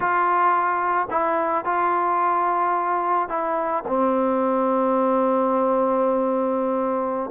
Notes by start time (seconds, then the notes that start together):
0.00 F4
1.10 E4
1.64 F4
3.28 E4
3.87 C4